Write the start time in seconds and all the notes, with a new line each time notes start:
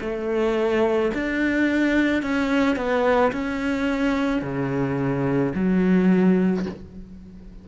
0.00 A3
1.14 D4
2.22 C#4
2.76 B3
3.32 C#4
4.41 C#3
5.55 F#3